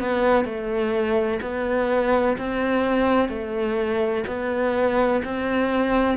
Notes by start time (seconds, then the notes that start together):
0.00 B3
0.45 A3
1.42 B3
2.38 C4
3.29 A3
4.27 B3
5.25 C4